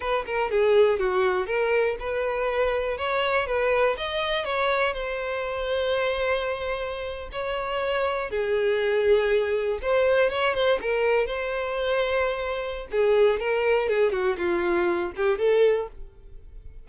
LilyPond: \new Staff \with { instrumentName = "violin" } { \time 4/4 \tempo 4 = 121 b'8 ais'8 gis'4 fis'4 ais'4 | b'2 cis''4 b'4 | dis''4 cis''4 c''2~ | c''2~ c''8. cis''4~ cis''16~ |
cis''8. gis'2. c''16~ | c''8. cis''8 c''8 ais'4 c''4~ c''16~ | c''2 gis'4 ais'4 | gis'8 fis'8 f'4. g'8 a'4 | }